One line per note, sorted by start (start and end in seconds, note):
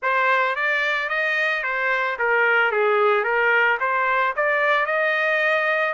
0.02 0.55 C5
0.55 1.09 D5
1.09 1.63 D#5
1.63 2.17 C5
2.18 2.71 A#4
2.71 3.24 G#4
3.24 3.78 A#4
3.80 4.34 C5
4.36 4.86 D5
4.86 5.93 D#5